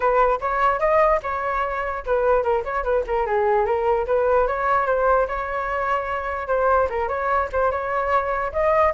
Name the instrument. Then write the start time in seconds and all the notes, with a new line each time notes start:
flute
0.00 B4
0.40 C#5
0.79 D#5
1.23 C#5
2.05 B4
2.43 A#4
2.64 C#5
2.83 B4
3.07 A#4
3.26 G#4
3.65 A#4
4.06 B4
4.47 C#5
4.86 C5
5.27 C#5
6.47 C5
6.89 A#4
7.08 C#5
7.52 C5
7.71 C#5
8.52 D#5